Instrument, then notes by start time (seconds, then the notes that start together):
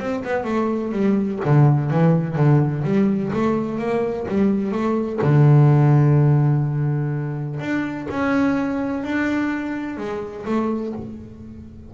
double bass
0.00 C4
0.25 B3
0.45 A3
0.92 G3
1.45 D3
1.91 E3
2.36 D3
2.84 G3
3.33 A3
3.79 A#3
4.29 G3
4.73 A3
5.22 D3
7.60 D4
8.10 C#4
9.04 D4
9.98 G#3
10.46 A3